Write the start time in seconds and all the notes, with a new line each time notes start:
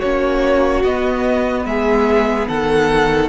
0.00 A#3 C#4 F#4 C#5
0.84 B3 D#5
1.65 G#3 G#4 E5
2.48 D#3 A4 F#5